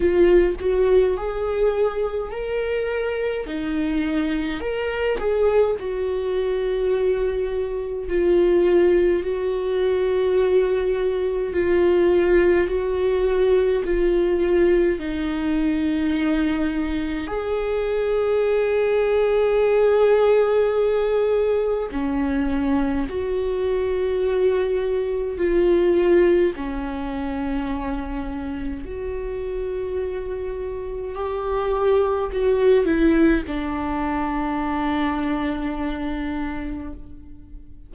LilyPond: \new Staff \with { instrumentName = "viola" } { \time 4/4 \tempo 4 = 52 f'8 fis'8 gis'4 ais'4 dis'4 | ais'8 gis'8 fis'2 f'4 | fis'2 f'4 fis'4 | f'4 dis'2 gis'4~ |
gis'2. cis'4 | fis'2 f'4 cis'4~ | cis'4 fis'2 g'4 | fis'8 e'8 d'2. | }